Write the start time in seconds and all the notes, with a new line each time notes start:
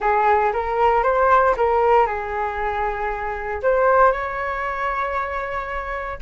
0.00 G#4
0.53 A#4
1.03 C5
1.57 A#4
2.06 G#4
3.62 C5
4.12 C#5